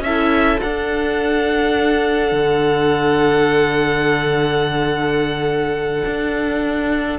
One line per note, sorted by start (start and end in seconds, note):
0.00 0.57 C#4
0.00 0.60 E5
0.06 0.61 E4
0.06 7.19 A4
0.61 7.18 D4
0.61 2.32 D4
0.61 7.18 F#5
2.32 6.03 D3
6.06 7.19 D4